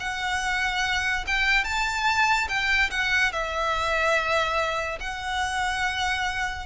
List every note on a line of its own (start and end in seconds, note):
0.00 1.25 F#5
1.27 1.64 G5
1.64 2.48 A5
2.48 2.90 G5
2.91 3.32 F#5
3.32 4.99 E5
5.00 6.66 F#5